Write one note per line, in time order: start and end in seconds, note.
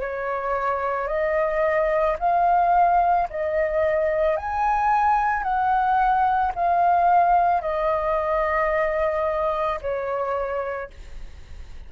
0.00 1.07 C#5
1.07 2.16 D#5
2.19 3.28 F5
3.29 4.36 D#5
4.36 5.42 G#5
5.42 6.52 F#5
6.55 7.61 F5
7.61 9.79 D#5
9.81 10.90 C#5